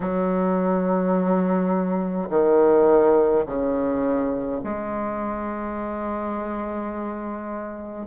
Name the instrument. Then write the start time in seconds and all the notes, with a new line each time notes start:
bassoon
0.00 F#3
2.29 D#3
3.46 C#3
4.63 G#3